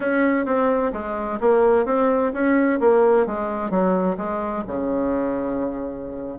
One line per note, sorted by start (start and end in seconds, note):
0.00 0.45 C#4
0.45 0.92 C4
0.92 1.39 G#3
1.40 1.85 A#3
1.85 2.32 C4
2.33 2.79 C#4
2.80 3.26 A#3
3.26 3.70 G#3
3.70 4.16 F#3
4.17 4.63 G#3
4.67 6.38 C#3